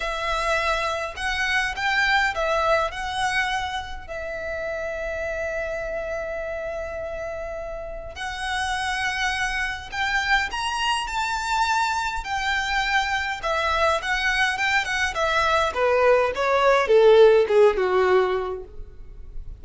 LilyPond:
\new Staff \with { instrumentName = "violin" } { \time 4/4 \tempo 4 = 103 e''2 fis''4 g''4 | e''4 fis''2 e''4~ | e''1~ | e''2 fis''2~ |
fis''4 g''4 ais''4 a''4~ | a''4 g''2 e''4 | fis''4 g''8 fis''8 e''4 b'4 | cis''4 a'4 gis'8 fis'4. | }